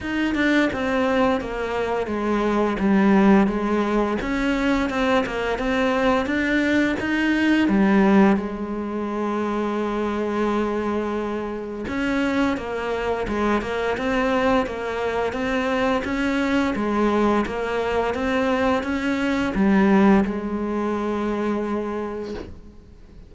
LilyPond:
\new Staff \with { instrumentName = "cello" } { \time 4/4 \tempo 4 = 86 dis'8 d'8 c'4 ais4 gis4 | g4 gis4 cis'4 c'8 ais8 | c'4 d'4 dis'4 g4 | gis1~ |
gis4 cis'4 ais4 gis8 ais8 | c'4 ais4 c'4 cis'4 | gis4 ais4 c'4 cis'4 | g4 gis2. | }